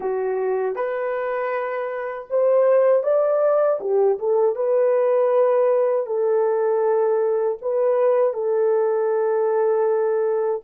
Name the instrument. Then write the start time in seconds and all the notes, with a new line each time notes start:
horn
0.00 F#4
0.75 B4
2.30 C5
3.03 D5
3.80 G4
4.18 A4
4.55 B4
6.06 A4
7.61 B4
8.33 A4